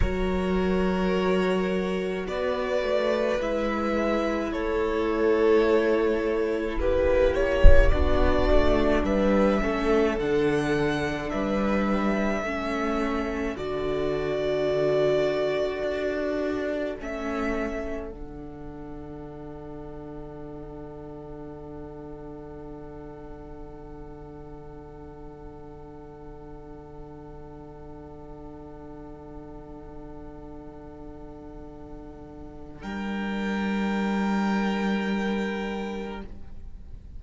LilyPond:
<<
  \new Staff \with { instrumentName = "violin" } { \time 4/4 \tempo 4 = 53 cis''2 d''4 e''4 | cis''2 b'8 cis''8 d''4 | e''4 fis''4 e''2 | d''2. e''4 |
fis''1~ | fis''1~ | fis''1~ | fis''4 g''2. | }
  \new Staff \with { instrumentName = "violin" } { \time 4/4 ais'2 b'2 | a'2 g'4 fis'4 | b'8 a'4. b'4 a'4~ | a'1~ |
a'1~ | a'1~ | a'1~ | a'4 ais'2. | }
  \new Staff \with { instrumentName = "viola" } { \time 4/4 fis'2. e'4~ | e'2. d'4~ | d'8 cis'8 d'2 cis'4 | fis'2. cis'4 |
d'1~ | d'1~ | d'1~ | d'1 | }
  \new Staff \with { instrumentName = "cello" } { \time 4/4 fis2 b8 a8 gis4 | a2 ais4 b8 a8 | g8 a8 d4 g4 a4 | d2 d'4 a4 |
d1~ | d1~ | d1~ | d4 g2. | }
>>